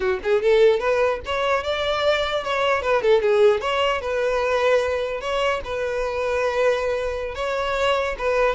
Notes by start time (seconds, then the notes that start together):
0.00 F#4
0.23 G#4
0.42 A4
0.79 B4
1.25 C#5
1.63 D5
2.44 C#5
2.82 B4
3.02 A4
3.21 G#4
3.60 C#5
4.01 B4
5.20 C#5
5.64 B4
7.35 C#5
8.18 B4